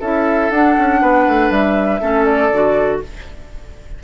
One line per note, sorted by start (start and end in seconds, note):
0.00 0.50 C#4
0.00 0.52 E4
0.00 1.00 A4
0.00 0.50 E5
0.50 0.75 D4
0.50 2.01 D4
0.50 1.50 F#5
0.78 1.01 C#4
1.01 1.26 B3
1.01 2.01 B4
1.27 1.50 A3
1.50 2.00 G3
1.50 2.25 E5
2.01 2.51 A3
2.01 2.51 C#4
2.01 3.01 A4
2.25 3.00 D5
2.51 3.01 D3
2.51 3.03 F#4